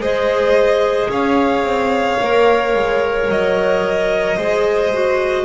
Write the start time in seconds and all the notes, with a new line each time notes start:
0.00 G#3 G#4 C5 D#5
1.09 C#4 C#5 F5
1.64 C4
2.20 A#3 A#4
2.75 G#3
3.29 F#3 D#5
4.37 G#3 G#4 C5
4.93 F#4